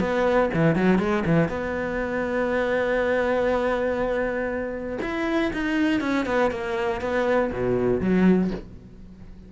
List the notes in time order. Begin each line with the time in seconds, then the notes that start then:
0.00 B3
0.54 E3
0.75 F#3
0.98 G#3
1.26 E3
1.49 B3
5.02 E4
5.53 D#4
6.01 C#4
6.26 B3
6.51 A#3
7.01 B3
7.52 B2
8.01 F#3